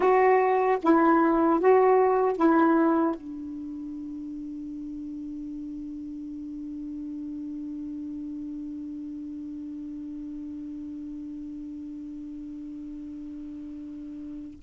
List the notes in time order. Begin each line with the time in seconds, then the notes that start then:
0.00 F#4
0.82 E4
1.60 F#4
2.36 E4
3.15 D4